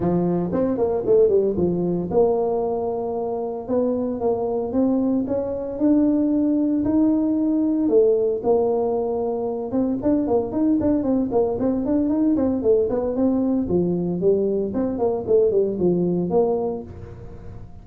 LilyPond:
\new Staff \with { instrumentName = "tuba" } { \time 4/4 \tempo 4 = 114 f4 c'8 ais8 a8 g8 f4 | ais2. b4 | ais4 c'4 cis'4 d'4~ | d'4 dis'2 a4 |
ais2~ ais8 c'8 d'8 ais8 | dis'8 d'8 c'8 ais8 c'8 d'8 dis'8 c'8 | a8 b8 c'4 f4 g4 | c'8 ais8 a8 g8 f4 ais4 | }